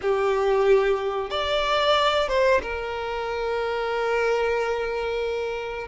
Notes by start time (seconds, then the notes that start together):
0.01 G4
1.30 D5
2.28 C5
2.61 A#4